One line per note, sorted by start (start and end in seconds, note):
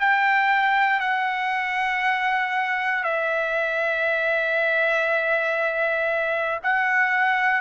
0.00 1.00 G5
1.00 3.04 F#5
3.04 6.60 E5
6.63 7.61 F#5